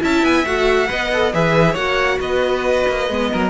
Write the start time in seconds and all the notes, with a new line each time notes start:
0.00 C#4 E4 E5 A5
0.22 B3 G#5
0.45 A3 F#4 F#5
0.87 B3 B4 D#5
1.13 A4
1.33 E3 G#4 B4 E5
1.72 A#3 F#4 C#5 F#5
2.19 B3 B4 D#5
2.87 A#3
3.09 G#3 B3
3.31 F#3 A#4